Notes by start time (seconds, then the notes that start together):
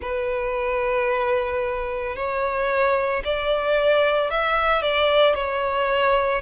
0.01 B4
2.15 C#5
3.24 D5
4.30 E5
4.82 D5
5.35 C#5